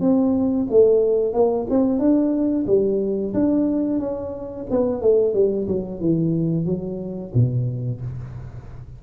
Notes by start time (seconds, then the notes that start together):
0.00 C4
0.70 A3
1.33 A#3
1.70 C4
1.99 D4
2.67 G3
3.34 D4
3.99 C#4
4.70 B3
5.01 A3
5.34 G3
5.67 F#3
6.00 E3
6.65 F#3
7.34 B2